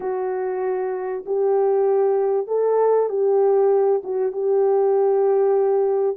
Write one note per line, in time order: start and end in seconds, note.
0.00 1.24 F#4
1.26 2.47 G4
2.47 3.09 A4
3.09 4.01 G4
4.03 4.32 F#4
4.32 6.16 G4